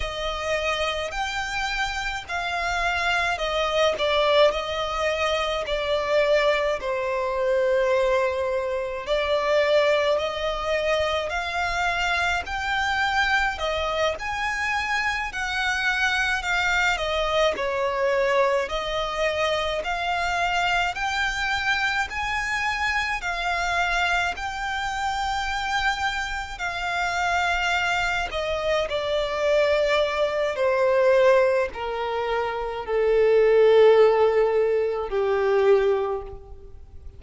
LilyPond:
\new Staff \with { instrumentName = "violin" } { \time 4/4 \tempo 4 = 53 dis''4 g''4 f''4 dis''8 d''8 | dis''4 d''4 c''2 | d''4 dis''4 f''4 g''4 | dis''8 gis''4 fis''4 f''8 dis''8 cis''8~ |
cis''8 dis''4 f''4 g''4 gis''8~ | gis''8 f''4 g''2 f''8~ | f''4 dis''8 d''4. c''4 | ais'4 a'2 g'4 | }